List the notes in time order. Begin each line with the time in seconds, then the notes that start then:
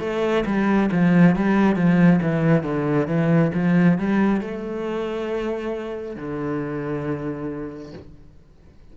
0.00 A3
0.46 G3
0.92 F3
1.36 G3
1.76 F3
2.22 E3
2.63 D3
3.07 E3
3.54 F3
3.98 G3
4.41 A3
6.16 D3